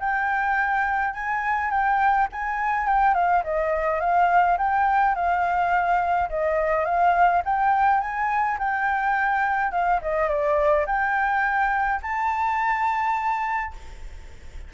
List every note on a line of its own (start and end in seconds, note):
0.00 1.14 G5
1.14 1.71 G#5
1.71 2.28 G5
2.32 2.87 G#5
2.87 3.15 G5
3.15 3.43 F5
3.44 4.01 D#5
4.01 4.58 F5
4.58 5.15 G5
5.15 6.29 F5
6.29 6.85 D#5
6.85 7.42 F5
7.45 8.01 G5
8.01 8.58 G#5
8.59 9.72 G5
9.72 10.00 F5
10.02 10.29 D#5
10.29 10.86 D5
10.86 12.01 G5
12.02 13.74 A5